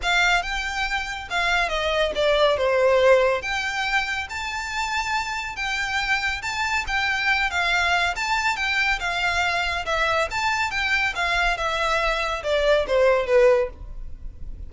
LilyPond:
\new Staff \with { instrumentName = "violin" } { \time 4/4 \tempo 4 = 140 f''4 g''2 f''4 | dis''4 d''4 c''2 | g''2 a''2~ | a''4 g''2 a''4 |
g''4. f''4. a''4 | g''4 f''2 e''4 | a''4 g''4 f''4 e''4~ | e''4 d''4 c''4 b'4 | }